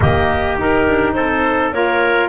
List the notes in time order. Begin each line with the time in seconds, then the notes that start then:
0.00 D#3 A#3 G4 D#5
0.58 D#4 A#4
0.87 D4
1.13 C4 A4 C5
1.72 A#3 F4 A#4 C#5